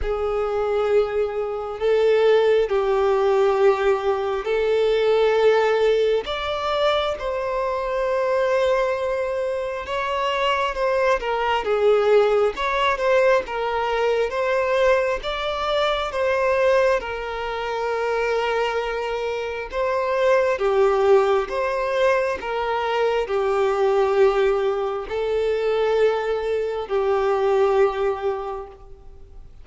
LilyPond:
\new Staff \with { instrumentName = "violin" } { \time 4/4 \tempo 4 = 67 gis'2 a'4 g'4~ | g'4 a'2 d''4 | c''2. cis''4 | c''8 ais'8 gis'4 cis''8 c''8 ais'4 |
c''4 d''4 c''4 ais'4~ | ais'2 c''4 g'4 | c''4 ais'4 g'2 | a'2 g'2 | }